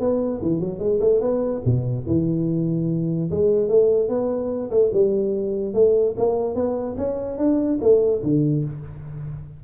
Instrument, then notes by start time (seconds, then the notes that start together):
tuba
0.00 B3
0.42 E3
0.60 F#3
0.79 G#3
1.00 A3
1.21 B3
1.65 B2
2.07 E3
3.31 G#3
3.69 A3
4.09 B3
4.71 A3
4.93 G3
5.74 A3
6.17 A#3
6.55 B3
6.98 C#4
7.38 D4
7.82 A3
8.23 D3